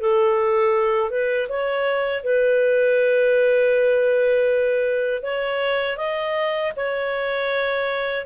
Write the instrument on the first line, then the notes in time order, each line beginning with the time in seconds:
clarinet
0.00 A4
1.10 B4
1.48 C#5
2.23 B4
5.22 C#5
5.97 D#5
6.76 C#5